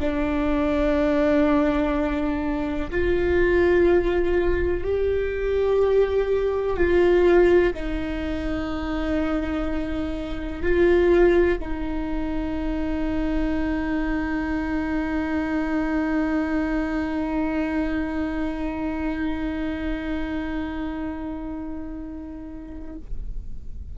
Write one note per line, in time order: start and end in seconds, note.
0.00 2.90 D4
2.91 4.84 F4
4.84 6.77 G4
6.77 7.74 F4
7.74 10.62 D#4
10.62 11.59 F4
11.60 22.97 D#4